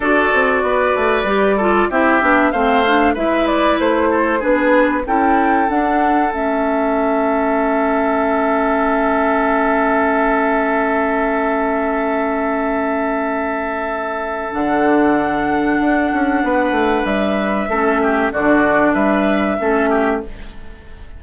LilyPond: <<
  \new Staff \with { instrumentName = "flute" } { \time 4/4 \tempo 4 = 95 d''2. e''4 | f''4 e''8 d''8 c''4 b'4 | g''4 fis''4 e''2~ | e''1~ |
e''1~ | e''2. fis''4~ | fis''2. e''4~ | e''4 d''4 e''2 | }
  \new Staff \with { instrumentName = "oboe" } { \time 4/4 a'4 b'4. a'8 g'4 | c''4 b'4. a'8 gis'4 | a'1~ | a'1~ |
a'1~ | a'1~ | a'2 b'2 | a'8 g'8 fis'4 b'4 a'8 g'8 | }
  \new Staff \with { instrumentName = "clarinet" } { \time 4/4 fis'2 g'8 f'8 e'8 d'8 | c'8 d'8 e'2 d'4 | e'4 d'4 cis'2~ | cis'1~ |
cis'1~ | cis'2. d'4~ | d'1 | cis'4 d'2 cis'4 | }
  \new Staff \with { instrumentName = "bassoon" } { \time 4/4 d'8 c'8 b8 a8 g4 c'8 b8 | a4 gis4 a4 b4 | cis'4 d'4 a2~ | a1~ |
a1~ | a2. d4~ | d4 d'8 cis'8 b8 a8 g4 | a4 d4 g4 a4 | }
>>